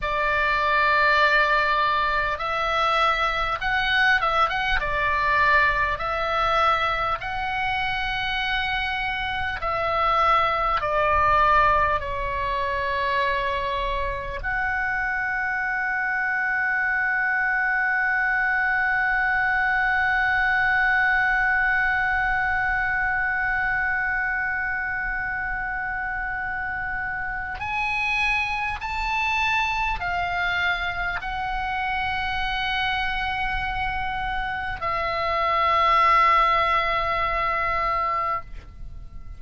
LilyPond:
\new Staff \with { instrumentName = "oboe" } { \time 4/4 \tempo 4 = 50 d''2 e''4 fis''8 e''16 fis''16 | d''4 e''4 fis''2 | e''4 d''4 cis''2 | fis''1~ |
fis''1~ | fis''2. gis''4 | a''4 f''4 fis''2~ | fis''4 e''2. | }